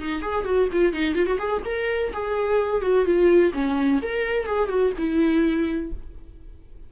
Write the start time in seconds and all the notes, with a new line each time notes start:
0.00 D#4
0.22 G#4
0.45 F#4
0.73 F4
0.94 D#4
1.16 F4
1.27 F#4
1.39 G#4
1.65 A#4
2.14 G#4
2.82 F#4
3.06 F4
3.54 C#4
4.03 A#4
4.47 G#4
4.69 F#4
4.98 E4